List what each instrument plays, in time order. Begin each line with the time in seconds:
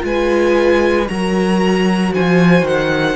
0.00 cello G#3, viola F4, violin B4 G#5
1.07 cello F#3, viola F#4, violin A#4 A#5
2.14 cello F3, violin C5 G#5
2.62 cello D#3, violin F#5